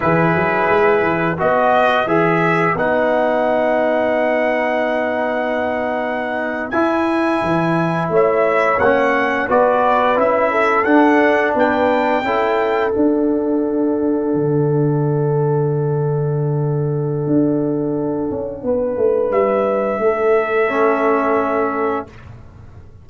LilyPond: <<
  \new Staff \with { instrumentName = "trumpet" } { \time 4/4 \tempo 4 = 87 b'2 dis''4 e''4 | fis''1~ | fis''4.~ fis''16 gis''2 e''16~ | e''8. fis''4 d''4 e''4 fis''16~ |
fis''8. g''2 fis''4~ fis''16~ | fis''1~ | fis''1 | e''1 | }
  \new Staff \with { instrumentName = "horn" } { \time 4/4 gis'2 b'2~ | b'1~ | b'2.~ b'8. cis''16~ | cis''4.~ cis''16 b'4. a'8.~ |
a'8. b'4 a'2~ a'16~ | a'1~ | a'2. b'4~ | b'4 a'2. | }
  \new Staff \with { instrumentName = "trombone" } { \time 4/4 e'2 fis'4 gis'4 | dis'1~ | dis'4.~ dis'16 e'2~ e'16~ | e'8. cis'4 fis'4 e'4 d'16~ |
d'4.~ d'16 e'4 d'4~ d'16~ | d'1~ | d'1~ | d'2 cis'2 | }
  \new Staff \with { instrumentName = "tuba" } { \time 4/4 e8 fis8 gis8 e8 b4 e4 | b1~ | b4.~ b16 e'4 e4 a16~ | a8. ais4 b4 cis'4 d'16~ |
d'8. b4 cis'4 d'4~ d'16~ | d'8. d2.~ d16~ | d4 d'4. cis'8 b8 a8 | g4 a2. | }
>>